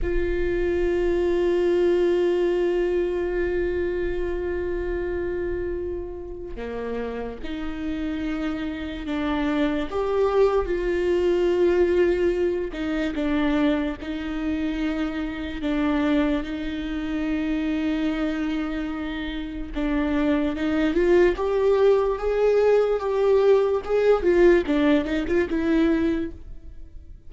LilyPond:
\new Staff \with { instrumentName = "viola" } { \time 4/4 \tempo 4 = 73 f'1~ | f'1 | ais4 dis'2 d'4 | g'4 f'2~ f'8 dis'8 |
d'4 dis'2 d'4 | dis'1 | d'4 dis'8 f'8 g'4 gis'4 | g'4 gis'8 f'8 d'8 dis'16 f'16 e'4 | }